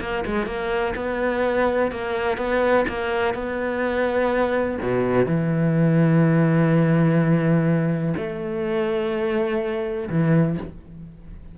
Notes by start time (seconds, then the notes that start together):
0.00 A#3
0.26 G#3
0.46 A#3
0.95 B3
1.91 A#3
2.37 B3
2.88 A#3
3.34 B3
4.82 B2
5.26 E3
8.17 A3
10.09 E3